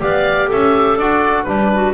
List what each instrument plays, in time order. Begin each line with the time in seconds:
0.00 double bass B3, trombone G4, clarinet D5, oboe F5
0.48 double bass C#4, clarinet A4, oboe E5
0.98 double bass D4, trombone F#4, oboe D5
1.44 double bass G3, trombone D4, clarinet G4, oboe B4
1.74 clarinet F#4